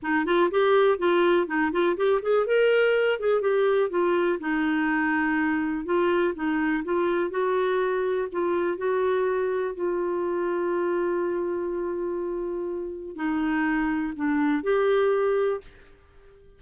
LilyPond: \new Staff \with { instrumentName = "clarinet" } { \time 4/4 \tempo 4 = 123 dis'8 f'8 g'4 f'4 dis'8 f'8 | g'8 gis'8 ais'4. gis'8 g'4 | f'4 dis'2. | f'4 dis'4 f'4 fis'4~ |
fis'4 f'4 fis'2 | f'1~ | f'2. dis'4~ | dis'4 d'4 g'2 | }